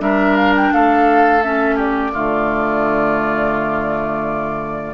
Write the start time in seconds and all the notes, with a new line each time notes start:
0.00 G3 D4 A#4 E5
0.36 F5
0.57 G5
0.74 A3 A4 F5
1.43 C#4 E5
1.76 G4 D5
2.13 D3 A3 F4